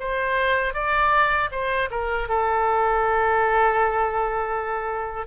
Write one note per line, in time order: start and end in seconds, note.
0.00 0.74 C5
0.74 1.50 D5
1.51 1.89 C5
1.91 2.29 A#4
2.29 5.27 A4